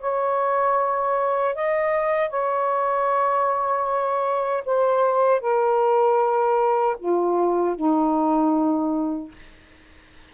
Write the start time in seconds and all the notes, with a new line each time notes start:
0.00 C#5
1.55 D#5
2.30 C#5
4.65 C5
5.41 A#4
6.99 F4
7.76 D#4